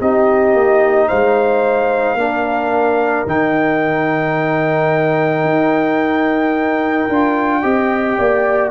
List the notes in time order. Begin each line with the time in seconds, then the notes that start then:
0.00 C4 D#4 G4 D#5
0.54 A#3
1.08 G#3 C5 F5
2.15 A#3 D4 A#4
3.27 D#3 D#4 G5
5.44 D#4
7.09 D4 F4
7.62 C4 G4 D#5
8.18 A#3 D5